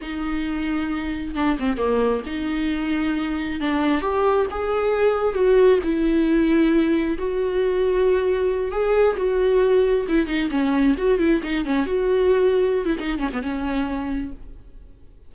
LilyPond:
\new Staff \with { instrumentName = "viola" } { \time 4/4 \tempo 4 = 134 dis'2. d'8 c'8 | ais4 dis'2. | d'4 g'4 gis'2 | fis'4 e'2. |
fis'2.~ fis'8 gis'8~ | gis'8 fis'2 e'8 dis'8 cis'8~ | cis'8 fis'8 e'8 dis'8 cis'8 fis'4.~ | fis'8. e'16 dis'8 cis'16 b16 cis'2 | }